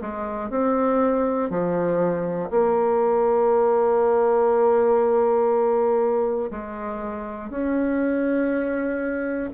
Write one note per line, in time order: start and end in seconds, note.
0.00 0.50 G#3
0.50 1.50 C4
1.50 2.50 F3
2.50 6.50 A#3
6.50 7.50 G#3
7.50 9.50 C#4